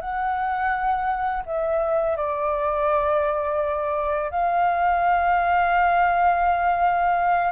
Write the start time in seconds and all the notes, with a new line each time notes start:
0.00 F#5
1.45 E5
2.16 D5
4.31 F5